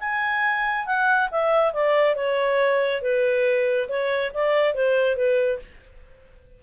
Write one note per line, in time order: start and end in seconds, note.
0.00 0.86 G#5
0.86 1.29 F#5
1.31 1.73 E5
1.73 2.15 D5
2.15 3.02 C#5
3.02 3.88 B4
3.89 4.32 C#5
4.34 4.74 D5
4.74 5.16 C5
5.16 5.59 B4